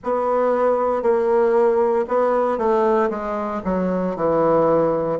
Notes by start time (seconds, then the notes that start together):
0.03 B3
1.02 A#3
2.07 B3
2.58 A3
3.09 G#3
3.64 F#3
4.16 E3